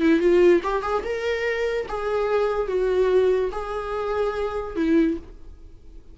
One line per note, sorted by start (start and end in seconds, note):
0.00 0.19 E4
0.19 0.61 F4
0.63 0.82 G4
0.82 1.03 G#4
1.04 1.86 A#4
1.88 2.67 G#4
2.67 3.50 F#4
3.52 4.76 G#4
4.76 5.17 E4